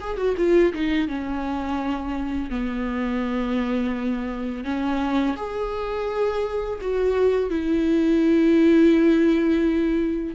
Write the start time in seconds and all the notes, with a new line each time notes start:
0.00 G#4
0.17 F#4
0.37 F4
0.73 D#4
1.08 C#4
2.50 B3
4.64 C#4
5.36 G#4
6.81 F#4
7.50 E4